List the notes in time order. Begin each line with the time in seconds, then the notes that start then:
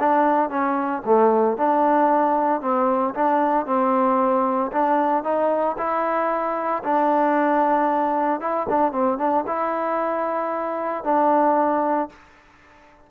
0.00 D4
0.50 C#4
1.06 A3
1.58 D4
2.62 C4
3.15 D4
3.67 C4
4.72 D4
5.24 D#4
5.78 E4
6.84 D4
8.41 E4
8.70 D4
8.93 C4
9.18 D4
9.47 E4
11.04 D4